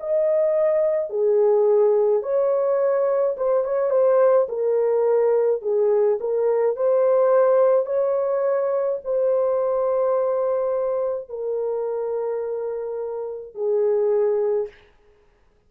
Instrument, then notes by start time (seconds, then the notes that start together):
horn
0.00 D#5
1.10 G#4
2.23 C#5
3.37 C5
3.64 C#5
3.90 C5
4.49 A#4
5.62 G#4
6.20 A#4
6.76 C5
7.86 C#5
9.04 C5
11.29 A#4
13.55 G#4